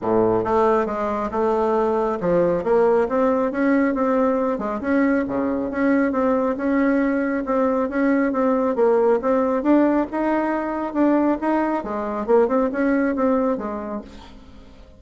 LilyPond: \new Staff \with { instrumentName = "bassoon" } { \time 4/4 \tempo 4 = 137 a,4 a4 gis4 a4~ | a4 f4 ais4 c'4 | cis'4 c'4. gis8 cis'4 | cis4 cis'4 c'4 cis'4~ |
cis'4 c'4 cis'4 c'4 | ais4 c'4 d'4 dis'4~ | dis'4 d'4 dis'4 gis4 | ais8 c'8 cis'4 c'4 gis4 | }